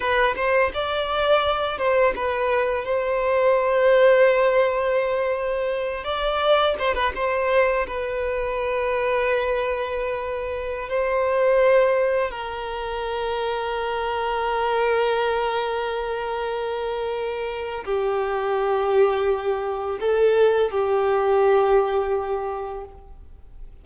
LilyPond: \new Staff \with { instrumentName = "violin" } { \time 4/4 \tempo 4 = 84 b'8 c''8 d''4. c''8 b'4 | c''1~ | c''8 d''4 c''16 b'16 c''4 b'4~ | b'2.~ b'16 c''8.~ |
c''4~ c''16 ais'2~ ais'8.~ | ais'1~ | ais'4 g'2. | a'4 g'2. | }